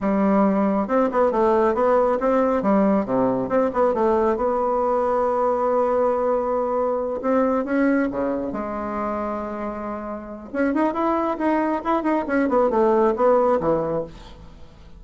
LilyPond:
\new Staff \with { instrumentName = "bassoon" } { \time 4/4 \tempo 4 = 137 g2 c'8 b8 a4 | b4 c'4 g4 c4 | c'8 b8 a4 b2~ | b1~ |
b8 c'4 cis'4 cis4 gis8~ | gis1 | cis'8 dis'8 e'4 dis'4 e'8 dis'8 | cis'8 b8 a4 b4 e4 | }